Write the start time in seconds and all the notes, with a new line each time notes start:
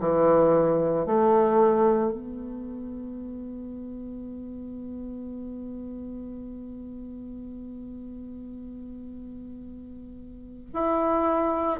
0.00 E3
1.06 A3
2.13 B3
10.74 E4